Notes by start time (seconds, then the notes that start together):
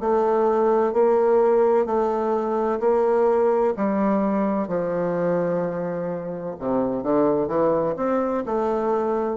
0.00 A3
0.93 A#3
1.85 A3
2.80 A#3
3.76 G3
4.67 F3
6.58 C3
7.03 D3
7.47 E3
7.96 C4
8.45 A3